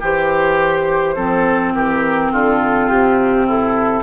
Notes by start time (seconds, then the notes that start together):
0.00 E3 G4 C5
1.16 F3 C4 A4
1.75 E3 G4 A#4
2.32 D3 F4 A4
2.89 C3 G4
3.47 E4 A4